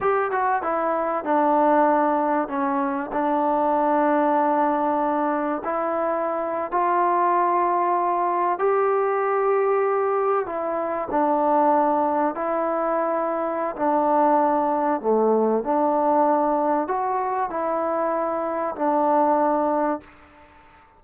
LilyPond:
\new Staff \with { instrumentName = "trombone" } { \time 4/4 \tempo 4 = 96 g'8 fis'8 e'4 d'2 | cis'4 d'2.~ | d'4 e'4.~ e'16 f'4~ f'16~ | f'4.~ f'16 g'2~ g'16~ |
g'8. e'4 d'2 e'16~ | e'2 d'2 | a4 d'2 fis'4 | e'2 d'2 | }